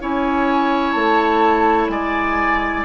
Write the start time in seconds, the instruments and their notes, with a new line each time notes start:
0.00 bassoon C#4, clarinet E4, oboe C#5, flute G#5
0.91 bassoon A3, flute A5
1.88 bassoon G#3, oboe D5, flute G#5